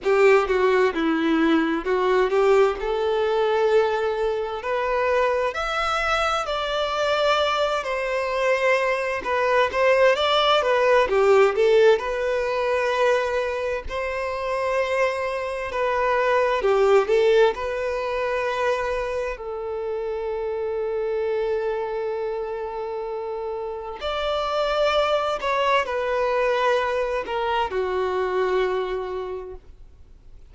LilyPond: \new Staff \with { instrumentName = "violin" } { \time 4/4 \tempo 4 = 65 g'8 fis'8 e'4 fis'8 g'8 a'4~ | a'4 b'4 e''4 d''4~ | d''8 c''4. b'8 c''8 d''8 b'8 | g'8 a'8 b'2 c''4~ |
c''4 b'4 g'8 a'8 b'4~ | b'4 a'2.~ | a'2 d''4. cis''8 | b'4. ais'8 fis'2 | }